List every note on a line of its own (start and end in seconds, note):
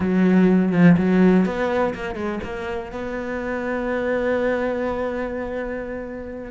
0.00 0.72 F#3
0.72 0.96 F3
0.97 1.45 F#3
1.45 1.94 B3
1.94 2.15 A#3
2.15 2.39 G#3
2.43 2.92 A#3
2.92 6.51 B3